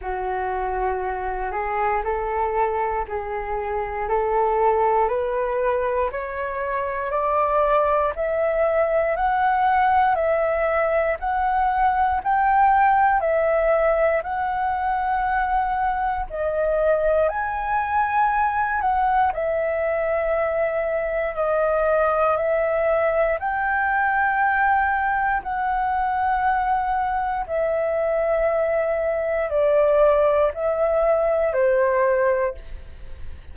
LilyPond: \new Staff \with { instrumentName = "flute" } { \time 4/4 \tempo 4 = 59 fis'4. gis'8 a'4 gis'4 | a'4 b'4 cis''4 d''4 | e''4 fis''4 e''4 fis''4 | g''4 e''4 fis''2 |
dis''4 gis''4. fis''8 e''4~ | e''4 dis''4 e''4 g''4~ | g''4 fis''2 e''4~ | e''4 d''4 e''4 c''4 | }